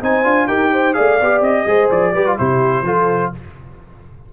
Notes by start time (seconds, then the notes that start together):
0.00 C4 D#4 C5 G#5
0.24 D4 F4
0.47 D#4 G4 A#4 G5
0.72 C5
0.93 A3 G#4 D5 F5
1.21 B3 G4
1.40 C4 D#5
1.66 G#3 G#4 C5
1.90 F3 D5
2.13 G3 G4 B4
2.26 F4
2.37 C3 E4 G4 C5
2.81 F3 F4 A4